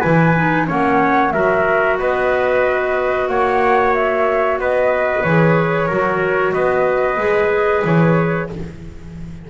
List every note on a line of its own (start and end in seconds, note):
0.00 0.69 E3
0.00 0.35 E4
0.00 0.65 B4
0.00 0.66 G#5
0.36 0.66 D#4
0.66 1.33 A#3
0.66 1.32 C#4
0.66 1.32 C#5
0.66 1.31 F#5
1.31 1.99 F#3
1.31 5.24 F#4
1.31 1.99 A#4
1.31 1.96 E5
1.99 3.28 B3
1.99 3.29 B4
1.99 3.28 D#5
3.28 4.58 A#3
3.28 4.60 C#5
3.28 3.93 F#5
3.93 4.59 E5
4.58 5.23 B3
4.58 5.87 B4
4.58 5.22 D#5
5.22 5.89 E3
5.22 5.90 G#4
5.22 6.52 C#5
5.87 6.53 F#3
5.87 7.18 F#4
5.87 6.52 A#4
6.52 7.17 B3
6.52 8.49 B4
6.52 7.83 D#5
7.17 7.82 G#3
7.17 8.49 G#4
7.84 8.49 E3
7.84 8.50 C#5